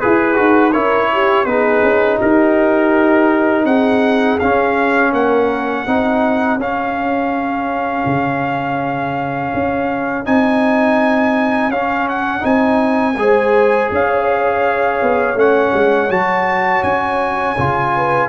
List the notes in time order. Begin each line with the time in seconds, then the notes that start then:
0.00 E4 G#4 B4
0.35 D#4 F#4
0.72 C#4 E4 A#4 C#5
1.13 G4
1.45 B3 D#4 G#4 B4
1.83 C#4
2.19 D#4 G4 A#4
3.64 C4 G#4 F#5
4.39 C#4 F5
5.13 A#3 A#4 F#5
5.82 C4 D#4 G#4
6.57 C#4 F5
8.06 C#3
9.54 C#4
10.25 C4 D#4 G#5
11.69 C#4 F5
12.09 F#5
12.40 C4 D#4 G#5
13.17 G#3 G#4 C5
13.91 C#4 C#5 F5
15.02 B3
15.35 A3 C#4 F#5
15.73 G#3
16.09 F#3 F#4 A5
16.83 C#4 G#5
17.58 C#3 F4
17.95 B4